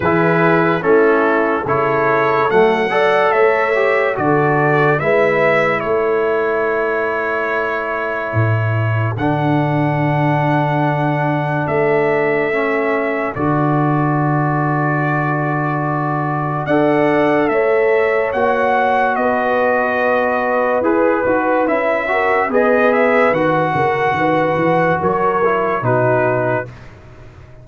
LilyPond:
<<
  \new Staff \with { instrumentName = "trumpet" } { \time 4/4 \tempo 4 = 72 b'4 a'4 cis''4 fis''4 | e''4 d''4 e''4 cis''4~ | cis''2. fis''4~ | fis''2 e''2 |
d''1 | fis''4 e''4 fis''4 dis''4~ | dis''4 b'4 e''4 dis''8 e''8 | fis''2 cis''4 b'4 | }
  \new Staff \with { instrumentName = "horn" } { \time 4/4 gis'4 e'4 a'4. d''8 | cis''4 a'4 b'4 a'4~ | a'1~ | a'1~ |
a'1 | d''4 cis''2 b'4~ | b'2~ b'8 ais'8 b'4~ | b'8 ais'8 b'4 ais'4 fis'4 | }
  \new Staff \with { instrumentName = "trombone" } { \time 4/4 e'4 cis'4 e'4 a8 a'8~ | a'8 g'8 fis'4 e'2~ | e'2. d'4~ | d'2. cis'4 |
fis'1 | a'2 fis'2~ | fis'4 gis'8 fis'8 e'8 fis'8 gis'4 | fis'2~ fis'8 e'8 dis'4 | }
  \new Staff \with { instrumentName = "tuba" } { \time 4/4 e4 a4 cis4 fis4 | a4 d4 gis4 a4~ | a2 a,4 d4~ | d2 a2 |
d1 | d'4 a4 ais4 b4~ | b4 e'8 dis'8 cis'4 b4 | dis8 cis8 dis8 e8 fis4 b,4 | }
>>